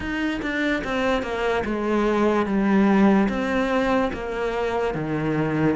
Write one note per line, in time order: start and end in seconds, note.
0.00 0.41 D#4
0.41 0.83 D4
0.84 1.22 C4
1.22 1.63 A#3
1.64 2.45 G#3
2.45 3.28 G3
3.28 4.11 C4
4.13 4.94 A#3
4.94 5.75 D#3